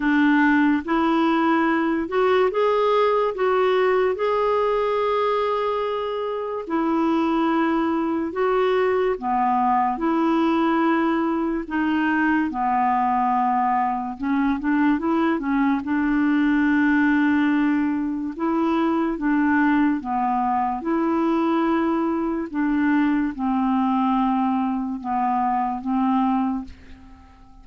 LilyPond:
\new Staff \with { instrumentName = "clarinet" } { \time 4/4 \tempo 4 = 72 d'4 e'4. fis'8 gis'4 | fis'4 gis'2. | e'2 fis'4 b4 | e'2 dis'4 b4~ |
b4 cis'8 d'8 e'8 cis'8 d'4~ | d'2 e'4 d'4 | b4 e'2 d'4 | c'2 b4 c'4 | }